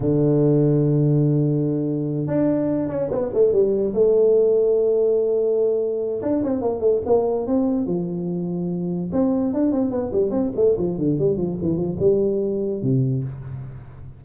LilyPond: \new Staff \with { instrumentName = "tuba" } { \time 4/4 \tempo 4 = 145 d1~ | d4. d'4. cis'8 b8 | a8 g4 a2~ a8~ | a2. d'8 c'8 |
ais8 a8 ais4 c'4 f4~ | f2 c'4 d'8 c'8 | b8 g8 c'8 a8 f8 d8 g8 f8 | e8 f8 g2 c4 | }